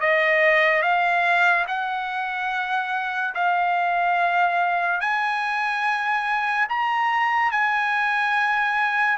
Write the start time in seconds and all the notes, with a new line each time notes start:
0.00 D#5
0.82 F5
1.67 F#5
3.34 F5
5.00 G#5
6.69 A#5
7.51 G#5